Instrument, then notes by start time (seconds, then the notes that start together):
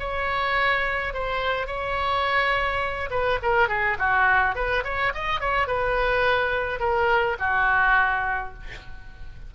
oboe
0.00 C#5
1.14 C5
1.67 C#5
3.11 B4
3.43 A#4
3.69 G#4
3.99 F#4
4.55 B4
4.84 C#5
5.14 D#5
5.41 C#5
5.68 B4
6.80 A#4
7.39 F#4